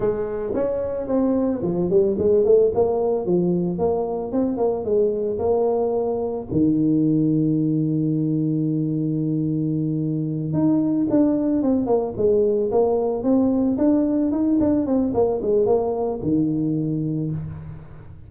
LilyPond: \new Staff \with { instrumentName = "tuba" } { \time 4/4 \tempo 4 = 111 gis4 cis'4 c'4 f8 g8 | gis8 a8 ais4 f4 ais4 | c'8 ais8 gis4 ais2 | dis1~ |
dis2.~ dis8 dis'8~ | dis'8 d'4 c'8 ais8 gis4 ais8~ | ais8 c'4 d'4 dis'8 d'8 c'8 | ais8 gis8 ais4 dis2 | }